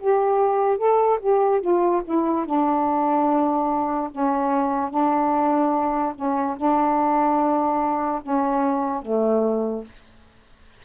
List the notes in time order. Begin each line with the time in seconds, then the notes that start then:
0.00 G4
0.78 A4
1.20 G4
1.61 F4
2.05 E4
2.46 D4
4.11 C#4
4.91 D4
6.15 C#4
6.57 D4
8.22 C#4
9.03 A3